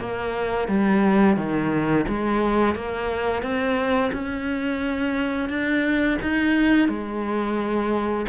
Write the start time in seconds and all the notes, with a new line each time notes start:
0.00 A#3
0.68 G3
1.37 D#3
2.08 G#3
2.75 A#3
3.42 C4
4.13 C#4
5.49 D4
6.22 D#4
6.88 G#3